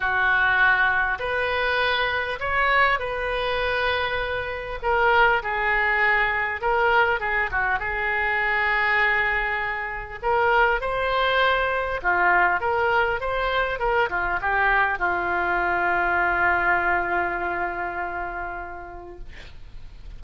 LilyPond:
\new Staff \with { instrumentName = "oboe" } { \time 4/4 \tempo 4 = 100 fis'2 b'2 | cis''4 b'2. | ais'4 gis'2 ais'4 | gis'8 fis'8 gis'2.~ |
gis'4 ais'4 c''2 | f'4 ais'4 c''4 ais'8 f'8 | g'4 f'2.~ | f'1 | }